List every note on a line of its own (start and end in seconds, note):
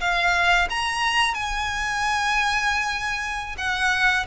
0.00 0.68 F5
0.69 1.34 A#5
1.34 3.56 G#5
3.58 4.26 F#5